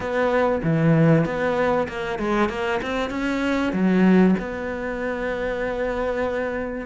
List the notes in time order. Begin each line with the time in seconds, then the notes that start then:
0.00 B3
0.63 E3
1.25 B3
1.88 A#3
2.18 G#3
2.49 A#3
2.82 C4
3.10 C#4
3.72 F#3
4.39 B3